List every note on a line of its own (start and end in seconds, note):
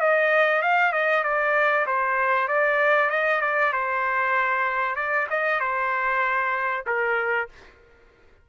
0.00 0.62 D#5
0.62 0.92 F5
0.92 1.23 D#5
1.23 1.86 D5
1.86 2.48 C5
2.48 3.10 D5
3.10 3.41 D#5
3.41 3.72 D5
3.72 4.96 C5
4.96 5.27 D5
5.30 5.60 D#5
5.60 6.85 C5
6.86 7.49 A#4